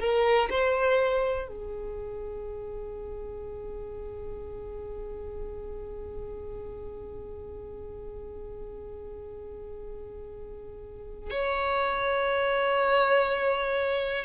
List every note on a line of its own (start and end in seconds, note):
0.00 0.49 A#4
0.51 1.48 C5
1.48 11.31 G#4
11.31 14.25 C#5